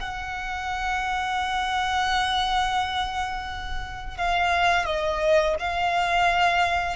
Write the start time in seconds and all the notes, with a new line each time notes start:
0.00 F#5
4.17 F5
4.86 D#5
5.59 F5